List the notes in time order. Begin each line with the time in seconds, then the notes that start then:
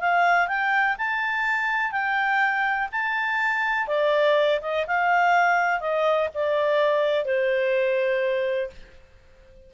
0.00 F5
0.48 G5
0.98 A5
1.92 G5
2.92 A5
3.88 D5
4.62 D#5
4.87 F5
5.80 D#5
6.34 D5
7.25 C5